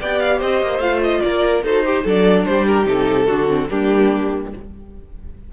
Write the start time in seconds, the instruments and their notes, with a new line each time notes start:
0.00 cello B3, viola G4, violin D5 G5
0.20 violin F5
0.38 cello C4, violin C5 D#5
0.62 cello A#3
0.79 cello A3, viola F4, violin F5
1.03 violin D#5
1.21 cello A#3, violin A#4 D5
1.63 cello D#4, viola F#4, violin A4 C5
1.85 viola G4, violin G4
2.04 cello F#3, viola D4, violin A4 D5
2.45 cello G3, violin G4 C5
2.66 violin A#4
2.85 cello C3, viola D#4, violin A4
3.27 cello D3, viola D4, violin F#4
3.48 viola C4
3.69 cello G3, viola A#3, violin D4 G4